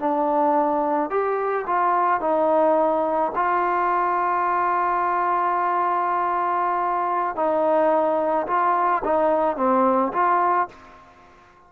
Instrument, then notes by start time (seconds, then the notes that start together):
trombone
0.00 D4
1.11 G4
1.67 F4
2.21 D#4
3.36 F4
7.36 D#4
8.47 F4
9.05 D#4
9.57 C4
10.13 F4